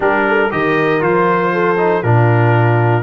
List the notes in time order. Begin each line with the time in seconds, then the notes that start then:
0.00 G3 D4 G4 A#4
0.28 A4
0.50 D#3 G4 A#4 D#5
1.00 F3 F4 C5
1.53 A4
1.77 D#4
2.02 A#2 D4 F4 A#4